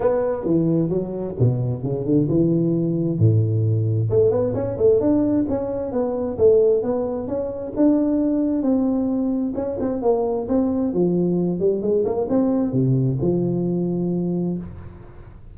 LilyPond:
\new Staff \with { instrumentName = "tuba" } { \time 4/4 \tempo 4 = 132 b4 e4 fis4 b,4 | cis8 d8 e2 a,4~ | a,4 a8 b8 cis'8 a8 d'4 | cis'4 b4 a4 b4 |
cis'4 d'2 c'4~ | c'4 cis'8 c'8 ais4 c'4 | f4. g8 gis8 ais8 c'4 | c4 f2. | }